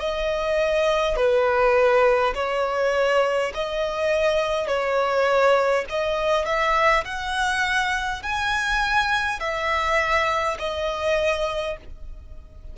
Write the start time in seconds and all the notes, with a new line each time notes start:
0.00 D#5
1.17 B4
2.35 C#5
3.55 D#5
4.68 C#5
5.90 D#5
6.46 E5
7.05 F#5
8.23 G#5
9.40 E5
10.59 D#5